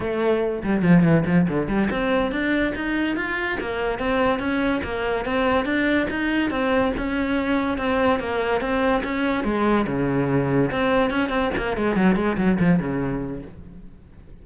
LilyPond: \new Staff \with { instrumentName = "cello" } { \time 4/4 \tempo 4 = 143 a4. g8 f8 e8 f8 d8 | g8 c'4 d'4 dis'4 f'8~ | f'8 ais4 c'4 cis'4 ais8~ | ais8 c'4 d'4 dis'4 c'8~ |
c'8 cis'2 c'4 ais8~ | ais8 c'4 cis'4 gis4 cis8~ | cis4. c'4 cis'8 c'8 ais8 | gis8 fis8 gis8 fis8 f8 cis4. | }